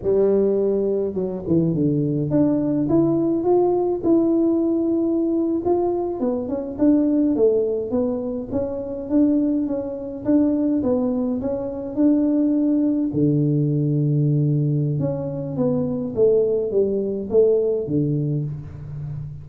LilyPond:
\new Staff \with { instrumentName = "tuba" } { \time 4/4 \tempo 4 = 104 g2 fis8 e8 d4 | d'4 e'4 f'4 e'4~ | e'4.~ e'16 f'4 b8 cis'8 d'16~ | d'8. a4 b4 cis'4 d'16~ |
d'8. cis'4 d'4 b4 cis'16~ | cis'8. d'2 d4~ d16~ | d2 cis'4 b4 | a4 g4 a4 d4 | }